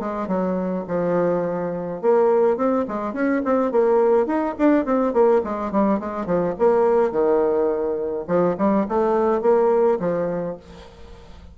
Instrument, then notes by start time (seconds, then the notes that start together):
bassoon
0.00 G#3
0.28 F#3
0.88 F3
2.02 A#3
2.57 C4
2.88 G#3
3.14 C#4
3.45 C4
3.72 A#3
4.26 D#4
4.59 D4
4.85 C4
5.13 A#3
5.44 G#3
5.72 G3
6.00 G#3
6.26 F3
6.59 A#3
7.12 D#3
8.28 F3
8.58 G3
8.89 A3
9.42 A#3
10.00 F3